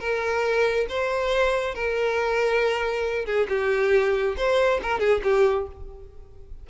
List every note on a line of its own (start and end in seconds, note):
0.00 0.87 A#4
0.89 1.75 C5
1.75 3.25 A#4
3.25 3.47 G#4
3.49 4.36 G4
4.37 4.81 C5
4.83 5.00 A#4
5.00 5.22 G#4
5.24 5.67 G4